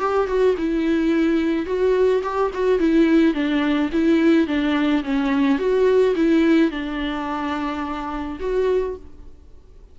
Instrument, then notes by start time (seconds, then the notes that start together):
viola
0.00 G4
0.27 F#4
0.57 E4
1.66 F#4
2.23 G4
2.54 F#4
2.79 E4
3.34 D4
3.92 E4
4.47 D4
5.03 C#4
5.58 F#4
6.15 E4
6.71 D4
8.40 F#4